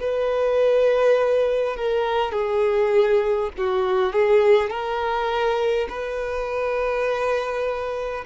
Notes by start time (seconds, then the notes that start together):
0.00 B4
1.76 A#4
2.32 G#4
3.58 F#4
4.13 G#4
4.70 A#4
5.89 B4